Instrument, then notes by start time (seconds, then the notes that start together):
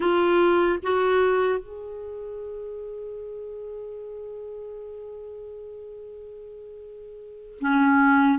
clarinet
0.00 F4
0.82 F#4
1.59 G#4
7.60 C#4